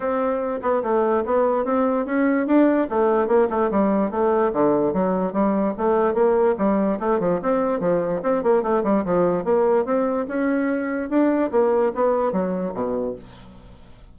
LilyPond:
\new Staff \with { instrumentName = "bassoon" } { \time 4/4 \tempo 4 = 146 c'4. b8 a4 b4 | c'4 cis'4 d'4 a4 | ais8 a8 g4 a4 d4 | fis4 g4 a4 ais4 |
g4 a8 f8 c'4 f4 | c'8 ais8 a8 g8 f4 ais4 | c'4 cis'2 d'4 | ais4 b4 fis4 b,4 | }